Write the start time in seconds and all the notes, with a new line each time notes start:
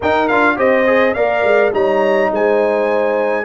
0.00 D#4 A#4 G5
0.27 D4 F4 F5
0.56 C4 G4 C5 D#5
0.86 G#4
1.14 A#3 A#4 D5 F5
1.43 G#3
1.72 G3 D#4 C#5 A#5
2.31 G#3 C5 G#5